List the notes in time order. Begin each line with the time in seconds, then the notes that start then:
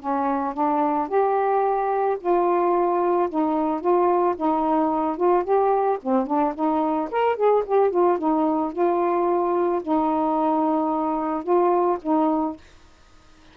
0.00 C#4
0.54 D4
1.08 G4
2.20 F4
3.30 D#4
3.81 F4
4.36 D#4
5.17 F4
5.44 G4
6.03 C4
6.27 D4
6.55 D#4
7.11 A#4
7.36 G#4
7.66 G4
7.91 F4
8.19 D#4
8.73 F4
9.82 D#4
11.43 F4
12.02 D#4